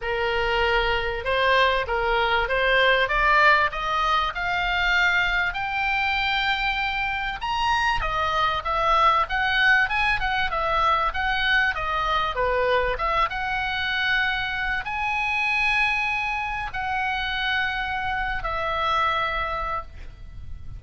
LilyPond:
\new Staff \with { instrumentName = "oboe" } { \time 4/4 \tempo 4 = 97 ais'2 c''4 ais'4 | c''4 d''4 dis''4 f''4~ | f''4 g''2. | ais''4 dis''4 e''4 fis''4 |
gis''8 fis''8 e''4 fis''4 dis''4 | b'4 e''8 fis''2~ fis''8 | gis''2. fis''4~ | fis''4.~ fis''16 e''2~ e''16 | }